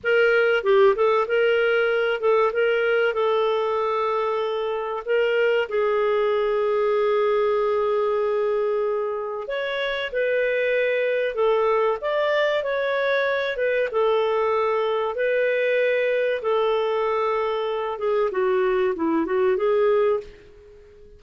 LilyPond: \new Staff \with { instrumentName = "clarinet" } { \time 4/4 \tempo 4 = 95 ais'4 g'8 a'8 ais'4. a'8 | ais'4 a'2. | ais'4 gis'2.~ | gis'2. cis''4 |
b'2 a'4 d''4 | cis''4. b'8 a'2 | b'2 a'2~ | a'8 gis'8 fis'4 e'8 fis'8 gis'4 | }